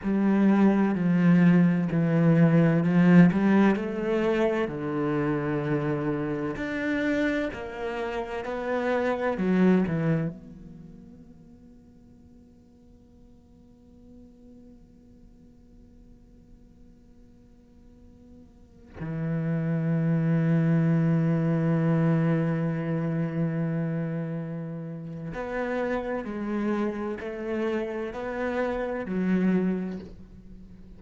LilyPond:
\new Staff \with { instrumentName = "cello" } { \time 4/4 \tempo 4 = 64 g4 f4 e4 f8 g8 | a4 d2 d'4 | ais4 b4 fis8 e8 b4~ | b1~ |
b1~ | b16 e2.~ e8.~ | e2. b4 | gis4 a4 b4 fis4 | }